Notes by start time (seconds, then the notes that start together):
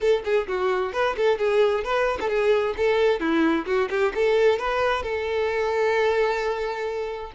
0.00 A4
0.24 G#4
0.47 F#4
0.93 B4
1.16 A4
1.38 G#4
1.84 B4
2.20 A4
2.29 G#4
2.76 A4
3.19 E4
3.65 F#4
3.90 G4
4.15 A4
4.58 B4
5.03 A4